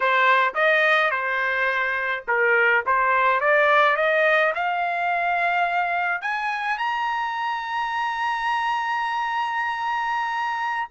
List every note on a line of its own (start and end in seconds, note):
0.00 0.54 C5
0.54 1.10 D#5
1.10 2.24 C5
2.27 2.84 A#4
2.86 3.40 C5
3.40 3.96 D5
3.96 4.53 D#5
4.54 6.21 F5
6.21 6.78 G#5
6.78 10.88 A#5